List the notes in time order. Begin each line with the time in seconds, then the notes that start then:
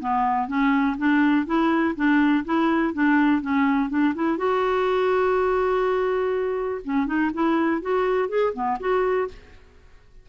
0.00 B3
0.48 C#4
0.97 D4
1.46 E4
1.96 D4
2.45 E4
2.93 D4
3.41 C#4
3.90 D4
4.15 E4
4.37 F#4
6.84 C#4
7.06 D#4
7.33 E4
7.82 F#4
8.29 G#4
8.53 B3
8.79 F#4